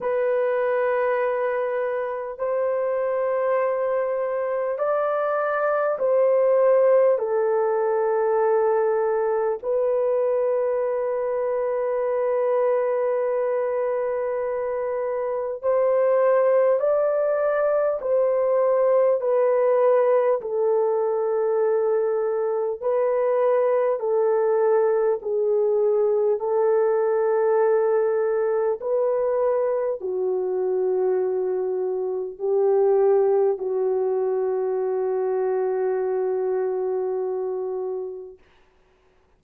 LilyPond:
\new Staff \with { instrumentName = "horn" } { \time 4/4 \tempo 4 = 50 b'2 c''2 | d''4 c''4 a'2 | b'1~ | b'4 c''4 d''4 c''4 |
b'4 a'2 b'4 | a'4 gis'4 a'2 | b'4 fis'2 g'4 | fis'1 | }